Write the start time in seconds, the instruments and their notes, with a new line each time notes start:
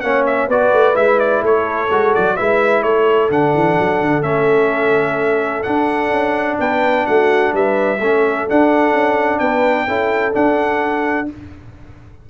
0.00 tuba A#3, trombone C#4, horn C#5, trumpet F#5
0.26 trumpet E5
0.48 tuba B3, trombone F#4, horn B4, trumpet D5
0.72 tuba A3
0.94 tuba G#3, trombone E4, trumpet E5
1.19 trumpet D5
1.42 tuba A3, horn A4, trumpet C#5
1.90 tuba G#3, trombone F#4
2.14 tuba F#3, trumpet D5
2.36 tuba G#3, trombone E4, horn B4, trumpet E5
2.83 tuba A3, horn A4, trumpet C#5
3.30 tuba D3, trombone D4, trumpet F#5
3.54 tuba E3
3.79 tuba F#3
4.01 tuba D3
4.22 tuba A3, trombone C#4, trumpet E5
5.63 trombone D4, tuba D4, trumpet F#5
6.10 tuba C#4
6.59 tuba B3, horn B4, trumpet G5
7.06 tuba A3, horn F#4, trumpet F#5
7.53 tuba G3, horn B4, trumpet E5
8.00 tuba A3, trombone C#4, horn A4
8.49 trombone D4, tuba D4, trumpet F#5
8.93 tuba C#4
9.39 tuba B3, horn B4, trumpet G5
9.87 tuba C#4, trombone E4, horn A4
10.32 trombone D4, tuba D4, trumpet F#5